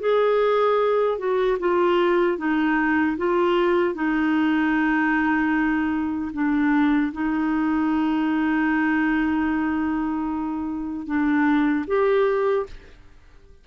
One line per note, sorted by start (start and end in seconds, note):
0.00 1.18 G#4
1.18 1.58 F#4
1.60 2.38 F4
2.38 3.17 D#4
3.18 3.95 F4
3.95 6.32 D#4
6.33 7.12 D4
7.13 11.07 D#4
11.07 11.86 D4
11.87 12.66 G4